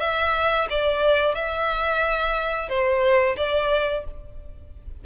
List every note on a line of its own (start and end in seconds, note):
0.00 0.67 E5
0.70 1.35 D5
1.35 2.69 E5
2.69 3.36 C5
3.37 4.04 D5